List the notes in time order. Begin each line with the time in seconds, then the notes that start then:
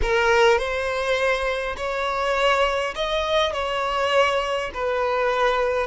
0.02 A#4
0.58 C5
1.76 C#5
2.95 D#5
3.53 C#5
4.74 B4